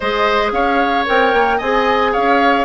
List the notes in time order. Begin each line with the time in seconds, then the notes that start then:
0.00 G#3 G#4 C5 D#5
0.51 C#4 C#5 F5
1.06 C4 A#4 G5
1.33 A#3
1.57 C4 G#4 D#5 G#5
2.12 C#4 C#5 F5